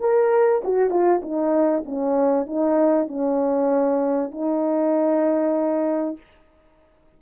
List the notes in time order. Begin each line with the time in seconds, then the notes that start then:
0.00 A#4
0.64 F#4
0.90 F4
1.22 D#4
1.85 C#4
2.47 D#4
3.08 C#4
4.31 D#4